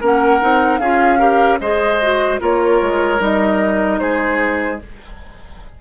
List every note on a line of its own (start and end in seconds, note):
0.00 0.41 A#3
0.00 0.40 C#4
0.00 0.80 A#4
0.00 0.78 F#5
0.40 0.79 C4
0.40 0.80 D#4
0.78 1.59 C#4
0.78 1.18 F4
0.78 1.19 G#4
0.78 1.58 F5
1.18 1.58 G4
1.18 1.59 A#4
1.60 2.40 G#3
1.60 2.02 G#4
1.60 2.40 C5
1.60 2.40 D#5
2.02 2.39 F#4
2.39 2.81 A#3
2.39 3.19 F4
2.39 4.00 A#4
2.39 3.22 C#5
2.81 3.19 G#3
3.19 3.99 G3
3.19 4.79 D#4
3.19 3.99 D#5
3.99 4.81 G#3
3.99 4.81 G#4
3.99 4.79 C5